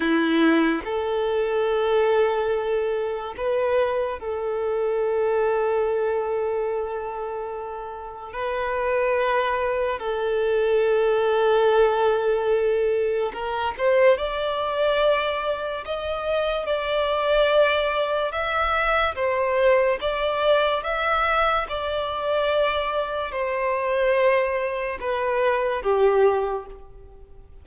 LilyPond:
\new Staff \with { instrumentName = "violin" } { \time 4/4 \tempo 4 = 72 e'4 a'2. | b'4 a'2.~ | a'2 b'2 | a'1 |
ais'8 c''8 d''2 dis''4 | d''2 e''4 c''4 | d''4 e''4 d''2 | c''2 b'4 g'4 | }